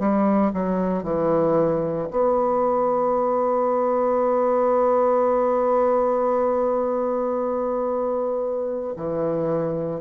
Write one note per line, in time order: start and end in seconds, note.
0.00 0.53 G3
0.54 1.03 F#3
1.03 2.09 E3
2.11 8.95 B3
8.97 10.01 E3